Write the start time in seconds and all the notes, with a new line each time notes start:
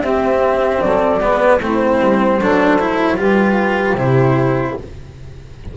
0.00 C4 G4 E5
0.81 F#3 A4 D5
1.20 G#3 B3 B4
1.60 A3 C4 E4 C5
2.01 G3
2.40 F#3 D4 A4
2.80 E4
3.17 G3 F4 G4 B4
3.94 C3 E4 C5